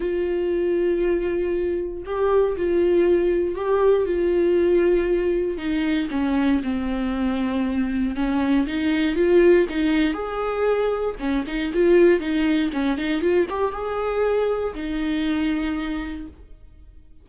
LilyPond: \new Staff \with { instrumentName = "viola" } { \time 4/4 \tempo 4 = 118 f'1 | g'4 f'2 g'4 | f'2. dis'4 | cis'4 c'2. |
cis'4 dis'4 f'4 dis'4 | gis'2 cis'8 dis'8 f'4 | dis'4 cis'8 dis'8 f'8 g'8 gis'4~ | gis'4 dis'2. | }